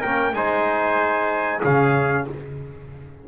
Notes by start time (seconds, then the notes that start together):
0.00 A#3 C#4 A#4 G5
0.34 G#3 D#4 C5 G#5
1.61 C#3 C#4 G#4 F5